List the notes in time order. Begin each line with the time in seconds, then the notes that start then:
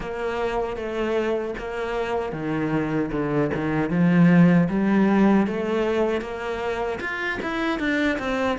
0.00 A#3
0.76 A3
1.58 A#3
2.32 D#3
3.11 D3
3.54 D#3
3.90 F3
4.69 G3
5.47 A3
6.21 A#3
7.00 F4
7.42 E4
7.79 D4
8.19 C4